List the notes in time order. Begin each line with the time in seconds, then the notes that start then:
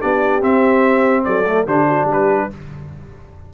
0.00 B3 D4 G4 D5
0.41 C4 E5
1.24 F#3 A4 D5
1.47 A3
1.66 D3 D4 G4 C5
1.88 F#4
2.05 G3 G4
2.12 B4